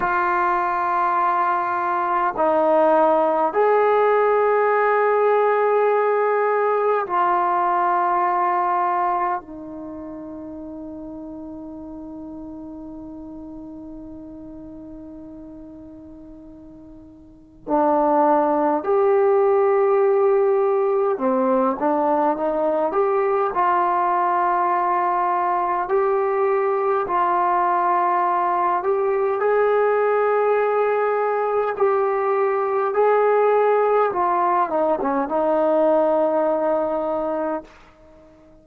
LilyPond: \new Staff \with { instrumentName = "trombone" } { \time 4/4 \tempo 4 = 51 f'2 dis'4 gis'4~ | gis'2 f'2 | dis'1~ | dis'2. d'4 |
g'2 c'8 d'8 dis'8 g'8 | f'2 g'4 f'4~ | f'8 g'8 gis'2 g'4 | gis'4 f'8 dis'16 cis'16 dis'2 | }